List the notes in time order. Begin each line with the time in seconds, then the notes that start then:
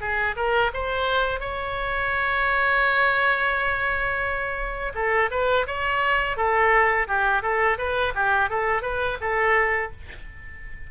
0.00 G#4
0.36 A#4
0.73 C5
1.40 C#5
4.94 A4
5.31 B4
5.66 C#5
6.36 A4
7.07 G4
7.42 A4
7.77 B4
8.14 G4
8.49 A4
8.82 B4
9.20 A4